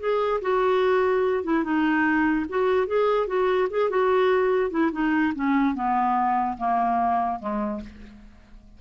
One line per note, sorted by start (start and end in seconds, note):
0.00 0.41 G#4
0.42 1.44 F#4
1.44 1.64 E4
1.64 2.46 D#4
2.49 2.87 F#4
2.87 3.27 G#4
3.27 3.69 F#4
3.70 3.90 G#4
3.90 4.71 F#4
4.71 4.91 E4
4.93 5.34 D#4
5.35 5.75 C#4
5.75 6.57 B3
6.58 7.40 A#3
7.40 7.81 G#3